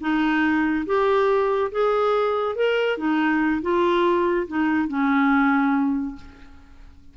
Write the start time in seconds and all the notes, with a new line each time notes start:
0.00 D#4
0.86 G4
1.72 G#4
2.56 A#4
2.97 D#4
3.62 F4
4.47 D#4
4.88 C#4